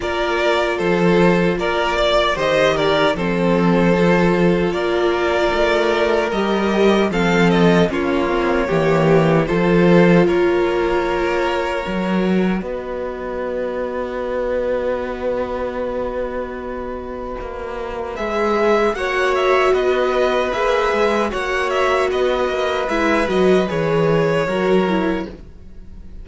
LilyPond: <<
  \new Staff \with { instrumentName = "violin" } { \time 4/4 \tempo 4 = 76 d''4 c''4 d''4 dis''8 d''8 | c''2 d''2 | dis''4 f''8 dis''8 cis''2 | c''4 cis''2. |
dis''1~ | dis''2. e''4 | fis''8 e''8 dis''4 e''4 fis''8 e''8 | dis''4 e''8 dis''8 cis''2 | }
  \new Staff \with { instrumentName = "violin" } { \time 4/4 ais'4 a'4 ais'8 d''8 c''8 ais'8 | a'2 ais'2~ | ais'4 a'4 f'4 g'4 | a'4 ais'2. |
b'1~ | b'1 | cis''4 b'2 cis''4 | b'2. ais'4 | }
  \new Staff \with { instrumentName = "viola" } { \time 4/4 f'2. g'4 | c'4 f'2. | g'4 c'4 cis'8 c'8 ais4 | f'2. fis'4~ |
fis'1~ | fis'2. gis'4 | fis'2 gis'4 fis'4~ | fis'4 e'8 fis'8 gis'4 fis'8 e'8 | }
  \new Staff \with { instrumentName = "cello" } { \time 4/4 ais4 f4 ais4 dis4 | f2 ais4 a4 | g4 f4 ais4 e4 | f4 ais2 fis4 |
b1~ | b2 ais4 gis4 | ais4 b4 ais8 gis8 ais4 | b8 ais8 gis8 fis8 e4 fis4 | }
>>